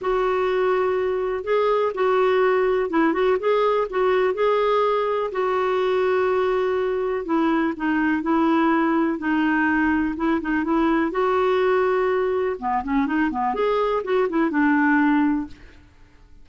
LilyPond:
\new Staff \with { instrumentName = "clarinet" } { \time 4/4 \tempo 4 = 124 fis'2. gis'4 | fis'2 e'8 fis'8 gis'4 | fis'4 gis'2 fis'4~ | fis'2. e'4 |
dis'4 e'2 dis'4~ | dis'4 e'8 dis'8 e'4 fis'4~ | fis'2 b8 cis'8 dis'8 b8 | gis'4 fis'8 e'8 d'2 | }